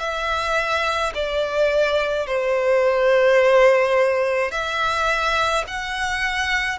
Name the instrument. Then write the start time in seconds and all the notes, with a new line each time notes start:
violin
0.00 E5
1.15 D5
2.27 C5
4.51 E5
5.68 F#5